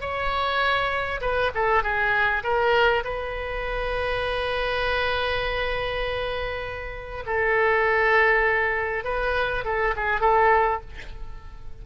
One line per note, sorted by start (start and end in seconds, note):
0.00 1.20 C#5
1.21 1.51 B4
1.54 1.83 A4
1.83 2.43 G#4
2.43 3.03 A#4
3.04 7.24 B4
7.26 9.04 A4
9.04 9.64 B4
9.64 9.94 A4
9.96 10.20 G#4
10.20 10.80 A4